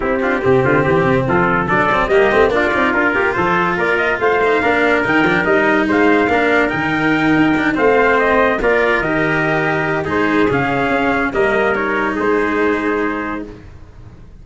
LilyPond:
<<
  \new Staff \with { instrumentName = "trumpet" } { \time 4/4 \tempo 4 = 143 g'2. a'4 | d''4 dis''4 d''4 ais'4 | c''4 d''8 dis''8 f''2 | g''4 dis''4 f''2 |
g''2~ g''8 f''4 dis''8~ | dis''8 d''4 dis''2~ dis''8 | c''4 f''2 dis''4 | cis''4 c''2. | }
  \new Staff \with { instrumentName = "trumpet" } { \time 4/4 e'8 f'8 g'8 f'8 g'4 f'4 | a'4 g'4 f'4. g'8 | a'4 ais'4 c''4 ais'4~ | ais'2 c''4 ais'4~ |
ais'2~ ais'8 c''4.~ | c''8 ais'2.~ ais'8 | gis'2. ais'4~ | ais'4 gis'2. | }
  \new Staff \with { instrumentName = "cello" } { \time 4/4 c'8 d'8 c'2. | d'8 c'8 ais8 c'8 d'8 dis'8 f'4~ | f'2~ f'8 dis'8 d'4 | dis'8 d'8 dis'2 d'4 |
dis'2 d'8 c'4.~ | c'8 f'4 g'2~ g'8 | dis'4 cis'2 ais4 | dis'1 | }
  \new Staff \with { instrumentName = "tuba" } { \time 4/4 c'4 c8 d8 e8 c8 f4 | fis4 g8 a8 ais8 c'8 d'8 ais8 | f4 ais4 a4 ais4 | dis8 f8 g4 gis4 ais4 |
dis4. dis'4 a4.~ | a8 ais4 dis2~ dis8 | gis4 cis4 cis'4 g4~ | g4 gis2. | }
>>